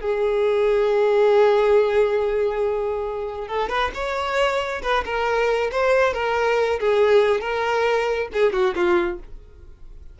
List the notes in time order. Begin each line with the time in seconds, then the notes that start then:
0.00 G#4
3.48 A4
3.69 B4
3.94 C#5
4.82 B4
5.05 A#4
5.71 C5
6.13 A#4
6.80 G#4
7.41 A#4
8.33 G#4
8.52 F#4
8.75 F4